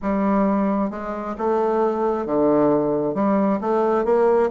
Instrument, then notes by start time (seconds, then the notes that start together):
bassoon
0.02 G3
0.90 G#3
1.38 A3
2.26 D3
3.14 G3
3.60 A3
4.04 A#3